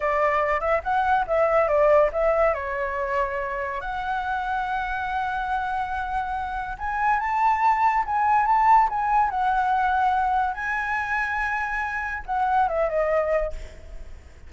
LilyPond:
\new Staff \with { instrumentName = "flute" } { \time 4/4 \tempo 4 = 142 d''4. e''8 fis''4 e''4 | d''4 e''4 cis''2~ | cis''4 fis''2.~ | fis''1 |
gis''4 a''2 gis''4 | a''4 gis''4 fis''2~ | fis''4 gis''2.~ | gis''4 fis''4 e''8 dis''4. | }